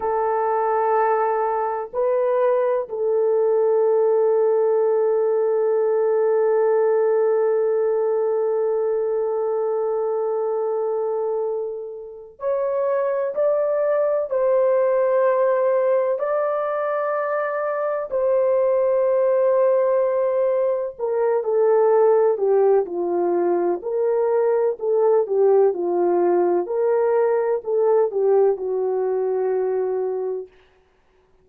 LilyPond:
\new Staff \with { instrumentName = "horn" } { \time 4/4 \tempo 4 = 63 a'2 b'4 a'4~ | a'1~ | a'1~ | a'4 cis''4 d''4 c''4~ |
c''4 d''2 c''4~ | c''2 ais'8 a'4 g'8 | f'4 ais'4 a'8 g'8 f'4 | ais'4 a'8 g'8 fis'2 | }